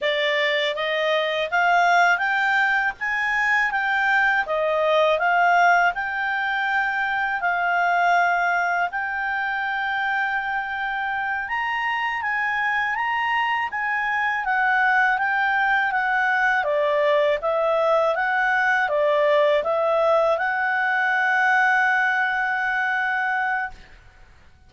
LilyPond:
\new Staff \with { instrumentName = "clarinet" } { \time 4/4 \tempo 4 = 81 d''4 dis''4 f''4 g''4 | gis''4 g''4 dis''4 f''4 | g''2 f''2 | g''2.~ g''8 ais''8~ |
ais''8 gis''4 ais''4 gis''4 fis''8~ | fis''8 g''4 fis''4 d''4 e''8~ | e''8 fis''4 d''4 e''4 fis''8~ | fis''1 | }